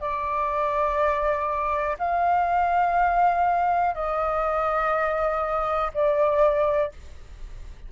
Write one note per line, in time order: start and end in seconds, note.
0.00 1.97 D5
1.99 3.94 F5
3.94 5.91 D#5
5.93 6.92 D5